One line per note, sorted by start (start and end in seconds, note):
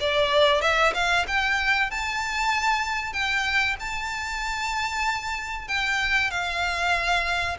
0.00 0.61 D5
0.61 0.92 E5
0.94 1.25 F5
1.27 1.90 G5
1.90 3.13 A5
3.13 3.76 G5
3.80 5.68 A5
5.68 6.30 G5
6.30 7.56 F5